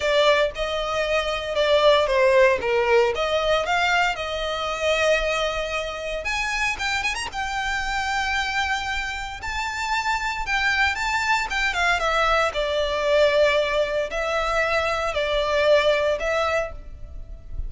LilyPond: \new Staff \with { instrumentName = "violin" } { \time 4/4 \tempo 4 = 115 d''4 dis''2 d''4 | c''4 ais'4 dis''4 f''4 | dis''1 | gis''4 g''8 gis''16 ais''16 g''2~ |
g''2 a''2 | g''4 a''4 g''8 f''8 e''4 | d''2. e''4~ | e''4 d''2 e''4 | }